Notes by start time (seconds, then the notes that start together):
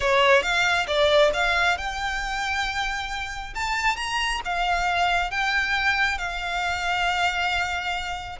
0.00 C#5
0.42 F5
0.87 D5
1.33 F5
1.77 G5
3.54 A5
3.96 A#5
4.45 F5
5.30 G5
6.18 F5